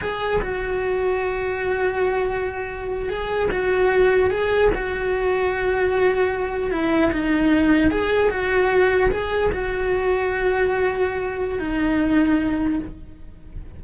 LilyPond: \new Staff \with { instrumentName = "cello" } { \time 4/4 \tempo 4 = 150 gis'4 fis'2.~ | fis'2.~ fis'8. gis'16~ | gis'8. fis'2 gis'4 fis'16~ | fis'1~ |
fis'8. e'4 dis'2 gis'16~ | gis'8. fis'2 gis'4 fis'16~ | fis'1~ | fis'4 dis'2. | }